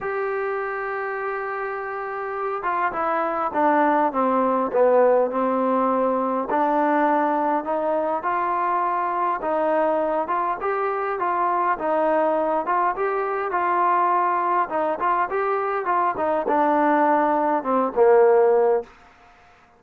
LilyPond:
\new Staff \with { instrumentName = "trombone" } { \time 4/4 \tempo 4 = 102 g'1~ | g'8 f'8 e'4 d'4 c'4 | b4 c'2 d'4~ | d'4 dis'4 f'2 |
dis'4. f'8 g'4 f'4 | dis'4. f'8 g'4 f'4~ | f'4 dis'8 f'8 g'4 f'8 dis'8 | d'2 c'8 ais4. | }